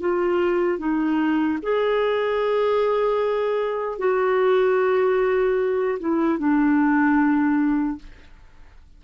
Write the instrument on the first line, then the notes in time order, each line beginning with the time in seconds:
clarinet
0.00 F4
0.78 D#4
1.63 G#4
3.98 F#4
6.00 E4
6.38 D4